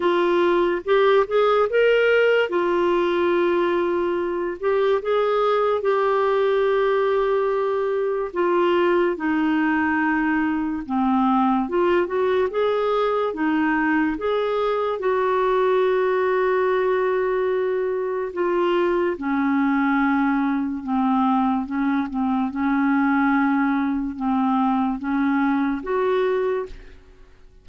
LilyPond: \new Staff \with { instrumentName = "clarinet" } { \time 4/4 \tempo 4 = 72 f'4 g'8 gis'8 ais'4 f'4~ | f'4. g'8 gis'4 g'4~ | g'2 f'4 dis'4~ | dis'4 c'4 f'8 fis'8 gis'4 |
dis'4 gis'4 fis'2~ | fis'2 f'4 cis'4~ | cis'4 c'4 cis'8 c'8 cis'4~ | cis'4 c'4 cis'4 fis'4 | }